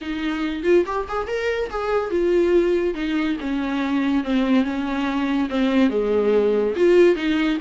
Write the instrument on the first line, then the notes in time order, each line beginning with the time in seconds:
viola
0.01 D#4
0.63 F4
0.86 G4
1.08 G#4
1.27 A#4
1.70 G#4
2.10 F4
2.94 D#4
3.40 C#4
4.24 C4
4.64 C#4
5.49 C4
5.89 G#3
6.75 F4
7.15 D#4